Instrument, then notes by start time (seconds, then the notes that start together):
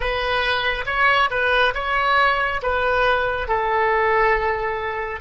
oboe
0.00 B4
0.86 C#5
1.30 B4
1.74 C#5
2.62 B4
3.47 A4